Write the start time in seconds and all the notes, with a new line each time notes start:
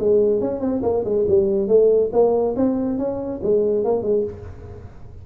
0.00 G#3
0.41 C#4
0.61 C4
0.83 A#3
1.05 G#3
1.28 G3
1.68 A3
2.13 A#3
2.57 C4
2.98 C#4
3.44 G#3
3.85 A#3
4.03 G#3